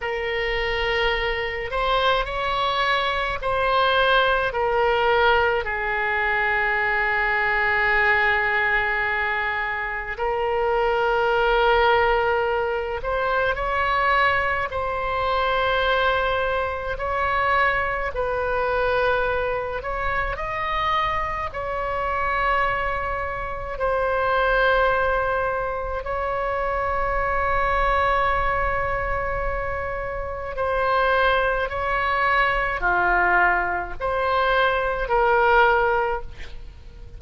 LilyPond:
\new Staff \with { instrumentName = "oboe" } { \time 4/4 \tempo 4 = 53 ais'4. c''8 cis''4 c''4 | ais'4 gis'2.~ | gis'4 ais'2~ ais'8 c''8 | cis''4 c''2 cis''4 |
b'4. cis''8 dis''4 cis''4~ | cis''4 c''2 cis''4~ | cis''2. c''4 | cis''4 f'4 c''4 ais'4 | }